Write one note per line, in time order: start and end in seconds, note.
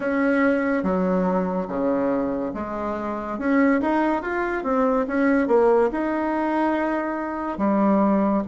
0.00 0.83 C#4
0.83 1.67 F#3
1.67 2.52 C#3
2.54 3.38 G#3
3.38 3.80 C#4
3.81 4.21 D#4
4.21 4.63 F4
4.63 5.06 C4
5.07 5.47 C#4
5.47 5.90 A#3
5.92 7.58 D#4
7.58 8.42 G3